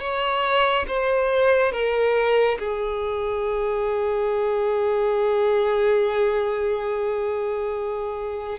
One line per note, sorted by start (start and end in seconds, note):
0.00 0.86 C#5
0.88 1.72 C5
1.72 2.58 A#4
2.59 8.59 G#4